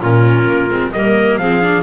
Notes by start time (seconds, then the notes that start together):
0.00 A#2 C#4 F4 A#4
0.47 A#3
0.69 G#3 C4
0.92 G3 A#3 A#4 D#5
1.37 F3 C4 G#4 F5
1.60 D4